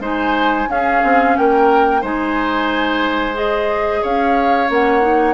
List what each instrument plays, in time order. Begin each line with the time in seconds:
0.00 bassoon G#3, clarinet D#4, oboe C5, flute G#5
0.69 bassoon C#4, clarinet C#4, oboe G#4, flute F5
1.04 bassoon C4
1.37 bassoon A#3, oboe A#4, flute G5
2.01 bassoon G#3, clarinet D#4, oboe C5, flute G#5
3.34 clarinet G#4, flute D#5
4.02 bassoon C#4, oboe C#5, flute F5
4.68 bassoon A#3, clarinet C#4, flute F#5
5.01 clarinet D#4